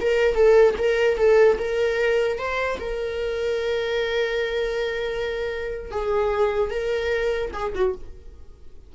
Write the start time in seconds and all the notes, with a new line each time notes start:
0.00 A#4
0.34 A4
0.78 A#4
1.17 A4
1.58 A#4
2.38 C5
2.79 A#4
5.91 G#4
6.70 A#4
7.53 G#4
7.75 F#4